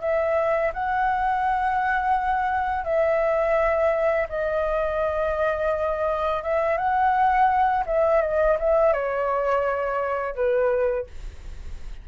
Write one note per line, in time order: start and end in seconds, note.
0.00 0.71 E5
0.73 2.84 F#5
2.84 4.27 E5
4.29 6.43 D#5
6.43 6.77 E5
6.77 7.84 F#5
7.86 8.21 E5
8.21 8.57 D#5
8.58 8.93 E5
8.93 10.35 C#5
10.35 11.06 B4